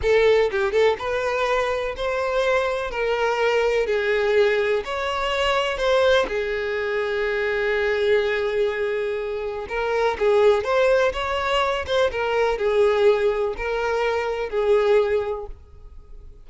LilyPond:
\new Staff \with { instrumentName = "violin" } { \time 4/4 \tempo 4 = 124 a'4 g'8 a'8 b'2 | c''2 ais'2 | gis'2 cis''2 | c''4 gis'2.~ |
gis'1 | ais'4 gis'4 c''4 cis''4~ | cis''8 c''8 ais'4 gis'2 | ais'2 gis'2 | }